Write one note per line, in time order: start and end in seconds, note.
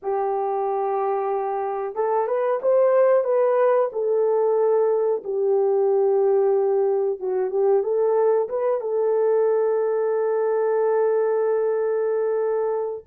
0.02 1.95 G4
1.95 2.27 A4
2.27 2.59 B4
2.62 3.24 C5
3.24 3.89 B4
3.92 5.22 A4
5.24 7.19 G4
7.19 7.50 F#4
7.50 7.83 G4
7.83 8.48 A4
8.48 8.80 B4
8.80 13.04 A4